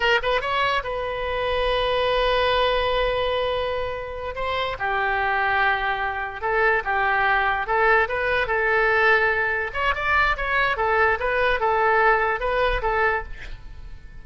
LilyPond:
\new Staff \with { instrumentName = "oboe" } { \time 4/4 \tempo 4 = 145 ais'8 b'8 cis''4 b'2~ | b'1~ | b'2~ b'8 c''4 g'8~ | g'2.~ g'8 a'8~ |
a'8 g'2 a'4 b'8~ | b'8 a'2. cis''8 | d''4 cis''4 a'4 b'4 | a'2 b'4 a'4 | }